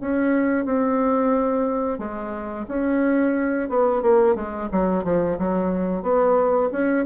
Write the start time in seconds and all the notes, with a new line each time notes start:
0.00 C#4
0.65 C4
1.98 G#3
2.68 C#4
3.69 B3
4.02 A#3
4.35 G#3
4.71 F#3
5.03 F3
5.38 F#3
6.02 B3
6.72 C#4